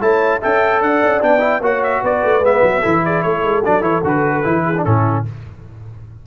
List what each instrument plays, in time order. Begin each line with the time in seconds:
0.00 tuba A3, trombone E4, horn C#5, trumpet A5
0.39 tuba C#4, trombone A4, horn E5, trumpet G5
0.81 tuba D4, horn D5, trumpet F#5
1.02 tuba C#4
1.20 tuba B3, trombone D4, trumpet G5
1.39 trombone E4
1.60 tuba A#3, trombone F#4, horn C#5, trumpet F#5
1.83 trumpet E5
2.00 tuba B3, horn B4, trumpet D5
2.23 tuba A3
2.40 tuba G#3, trombone B3, trumpet E5
2.62 tuba F#3
2.80 tuba E3, trombone E4, horn A4
3.05 horn G#4, trumpet D5
3.22 tuba A3, horn A4, trumpet C#5
3.42 tuba G#3
3.64 tuba F#3, trombone D4, trumpet D5
3.81 tuba E3, trombone E4, trumpet C#5
4.03 tuba D3, trombone F#4, trumpet B4
4.43 tuba E3, trombone E4
4.65 horn G#4
4.77 trombone D4
4.84 tuba A2, trombone C#4, horn E4, trumpet A4